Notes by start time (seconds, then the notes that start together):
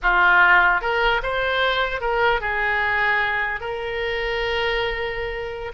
0.02 F4
0.81 A#4
1.22 C5
2.00 A#4
2.40 G#4
3.60 A#4